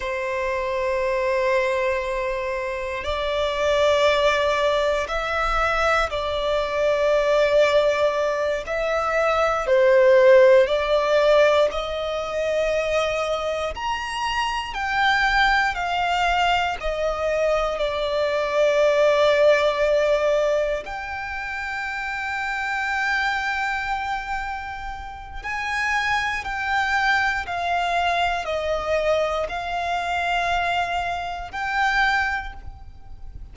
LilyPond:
\new Staff \with { instrumentName = "violin" } { \time 4/4 \tempo 4 = 59 c''2. d''4~ | d''4 e''4 d''2~ | d''8 e''4 c''4 d''4 dis''8~ | dis''4. ais''4 g''4 f''8~ |
f''8 dis''4 d''2~ d''8~ | d''8 g''2.~ g''8~ | g''4 gis''4 g''4 f''4 | dis''4 f''2 g''4 | }